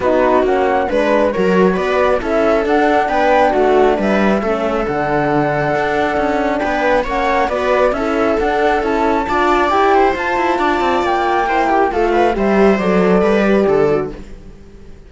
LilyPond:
<<
  \new Staff \with { instrumentName = "flute" } { \time 4/4 \tempo 4 = 136 b'4 fis''4 b'4 cis''4 | d''4 e''4 fis''4 g''4 | fis''4 e''2 fis''4~ | fis''2. g''4 |
fis''4 d''4 e''4 fis''4 | a''2 g''4 a''4~ | a''4 g''2 f''4 | e''4 d''2. | }
  \new Staff \with { instrumentName = "viola" } { \time 4/4 fis'2 b'4 ais'4 | b'4 a'2 b'4 | fis'4 b'4 a'2~ | a'2. b'4 |
cis''4 b'4 a'2~ | a'4 d''4. c''4. | d''2 c''8 g'8 a'8 b'8 | c''2 b'4 a'4 | }
  \new Staff \with { instrumentName = "horn" } { \time 4/4 dis'4 cis'4 d'4 fis'4~ | fis'4 e'4 d'2~ | d'2 cis'4 d'4~ | d'1 |
cis'4 fis'4 e'4 d'4 | e'4 f'4 g'4 f'4~ | f'2 e'4 f'4 | g'4 a'4. g'4 fis'8 | }
  \new Staff \with { instrumentName = "cello" } { \time 4/4 b4 ais4 gis4 fis4 | b4 cis'4 d'4 b4 | a4 g4 a4 d4~ | d4 d'4 cis'4 b4 |
ais4 b4 cis'4 d'4 | cis'4 d'4 e'4 f'8 e'8 | d'8 c'8 ais2 a4 | g4 fis4 g4 d4 | }
>>